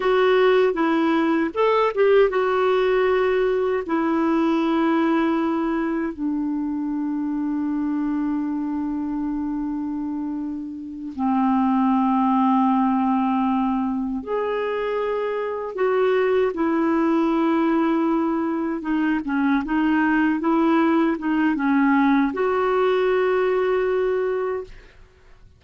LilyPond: \new Staff \with { instrumentName = "clarinet" } { \time 4/4 \tempo 4 = 78 fis'4 e'4 a'8 g'8 fis'4~ | fis'4 e'2. | d'1~ | d'2~ d'8 c'4.~ |
c'2~ c'8 gis'4.~ | gis'8 fis'4 e'2~ e'8~ | e'8 dis'8 cis'8 dis'4 e'4 dis'8 | cis'4 fis'2. | }